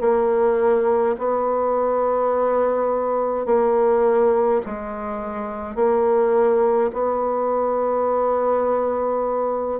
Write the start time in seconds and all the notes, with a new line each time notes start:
0.00 A#3
1.18 B3
3.45 A#3
4.65 G#3
5.75 A#3
6.93 B3